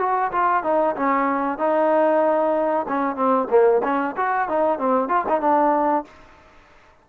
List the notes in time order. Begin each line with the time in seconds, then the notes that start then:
0.00 F#4
0.32 F4
0.64 D#4
0.96 C#4
1.59 D#4
2.89 C#4
3.16 C4
3.50 A#3
3.84 C#4
4.17 F#4
4.49 D#4
4.79 C4
5.09 F4
5.29 D#4
5.41 D4